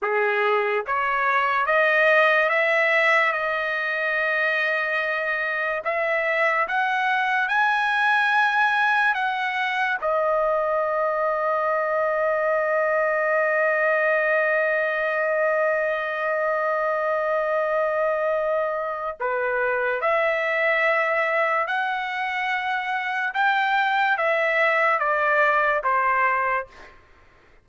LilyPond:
\new Staff \with { instrumentName = "trumpet" } { \time 4/4 \tempo 4 = 72 gis'4 cis''4 dis''4 e''4 | dis''2. e''4 | fis''4 gis''2 fis''4 | dis''1~ |
dis''1~ | dis''2. b'4 | e''2 fis''2 | g''4 e''4 d''4 c''4 | }